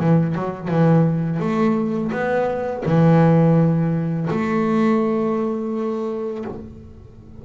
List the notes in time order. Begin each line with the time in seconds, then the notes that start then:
0.00 E3
0.35 F#3
0.69 E3
1.40 A3
2.12 B3
2.86 E3
4.31 A3